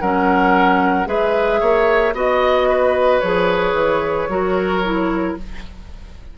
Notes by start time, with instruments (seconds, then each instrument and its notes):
0.00 bassoon F#3, clarinet C#4, oboe A#4, flute F#5
1.06 bassoon G#3, clarinet G#4, oboe B4, flute E5
1.60 bassoon A#3, oboe C#5
2.14 bassoon B3, clarinet F#4, oboe D#5, flute D#5
2.68 oboe B4
3.20 bassoon F3, clarinet G#4, flute C#5
3.73 bassoon E3
4.29 bassoon F#3, clarinet F#4, oboe A#4
4.84 clarinet E4